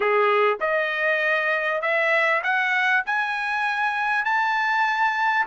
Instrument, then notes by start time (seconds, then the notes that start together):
trumpet
0.00 G#4
0.60 D#5
1.81 E5
2.43 F#5
3.06 G#5
4.24 A5